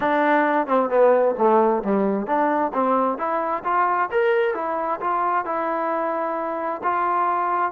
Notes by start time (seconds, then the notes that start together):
0.00 D4
0.67 C4
0.89 B3
1.38 A3
1.83 G3
2.26 D4
2.73 C4
3.17 E4
3.64 F4
4.11 A#4
4.54 E4
5.00 F4
5.45 E4
6.83 F4